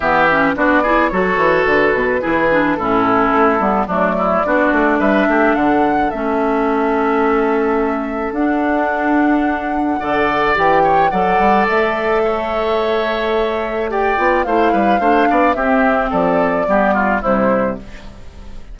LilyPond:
<<
  \new Staff \with { instrumentName = "flute" } { \time 4/4 \tempo 4 = 108 e''4 d''4 cis''4 b'4~ | b'4 a'2 d''4~ | d''4 e''4 fis''4 e''4~ | e''2. fis''4~ |
fis''2. g''4 | fis''4 e''2.~ | e''4 g''4 f''2 | e''4 d''2 c''4 | }
  \new Staff \with { instrumentName = "oboe" } { \time 4/4 g'4 fis'8 gis'8 a'2 | gis'4 e'2 d'8 e'8 | fis'4 b'8 g'8 a'2~ | a'1~ |
a'2 d''4. cis''8 | d''2 cis''2~ | cis''4 d''4 c''8 b'8 c''8 d''8 | g'4 a'4 g'8 f'8 e'4 | }
  \new Staff \with { instrumentName = "clarinet" } { \time 4/4 b8 cis'8 d'8 e'8 fis'2 | e'8 d'8 cis'4. b8 a4 | d'2. cis'4~ | cis'2. d'4~ |
d'2 a'4 g'4 | a'1~ | a'4 g'8 f'8 e'4 d'4 | c'2 b4 g4 | }
  \new Staff \with { instrumentName = "bassoon" } { \time 4/4 e4 b4 fis8 e8 d8 b,8 | e4 a,4 a8 g8 fis4 | b8 a8 g8 a8 d4 a4~ | a2. d'4~ |
d'2 d4 e4 | fis8 g8 a2.~ | a4. b8 a8 g8 a8 b8 | c'4 f4 g4 c4 | }
>>